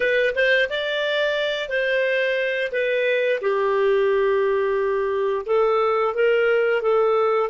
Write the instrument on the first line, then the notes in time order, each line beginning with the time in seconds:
clarinet
0.00 B4
0.35 C5
0.69 D5
1.69 C5
2.71 B4
3.41 G4
5.46 A4
6.14 A#4
6.82 A4